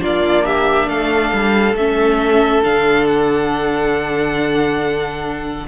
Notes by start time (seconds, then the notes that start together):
0.00 A#3 D4 F4 D5
0.45 G4 E5
0.87 A3 A4 F5
1.33 G3
1.74 A3 C#4 E5
2.63 D3 D4 F5
3.07 F#5